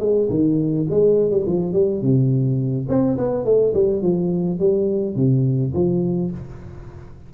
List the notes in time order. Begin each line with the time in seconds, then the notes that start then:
0.00 G#3
0.30 D#3
0.90 G#3
1.31 G3
1.47 F3
1.73 G3
2.02 C3
2.89 C4
3.18 B3
3.45 A3
3.74 G3
4.02 F3
4.60 G3
5.16 C3
5.74 F3